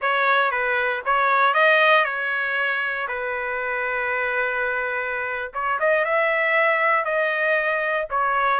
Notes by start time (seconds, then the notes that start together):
0.01 C#5
0.51 B4
1.05 C#5
1.54 D#5
2.04 C#5
3.08 B4
5.53 C#5
5.79 D#5
6.04 E5
7.04 D#5
8.10 C#5